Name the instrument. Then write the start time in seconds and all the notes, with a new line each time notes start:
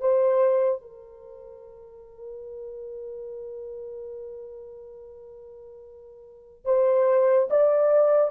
horn
0.00 C5
0.82 A#4
6.65 C5
7.50 D5